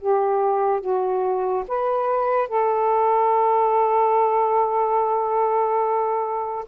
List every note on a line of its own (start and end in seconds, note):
0.00 0.81 G4
0.81 1.64 F#4
1.67 2.48 B4
2.48 6.65 A4